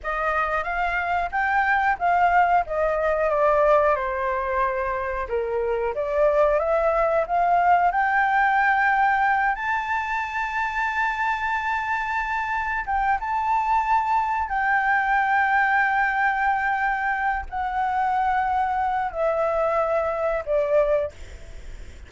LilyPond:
\new Staff \with { instrumentName = "flute" } { \time 4/4 \tempo 4 = 91 dis''4 f''4 g''4 f''4 | dis''4 d''4 c''2 | ais'4 d''4 e''4 f''4 | g''2~ g''8 a''4.~ |
a''2.~ a''8 g''8 | a''2 g''2~ | g''2~ g''8 fis''4.~ | fis''4 e''2 d''4 | }